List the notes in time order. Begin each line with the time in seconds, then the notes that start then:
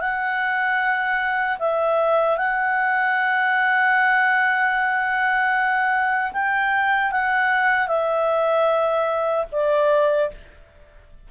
0.00 F#5
1.59 E5
2.38 F#5
6.33 G5
7.12 F#5
7.88 E5
9.52 D5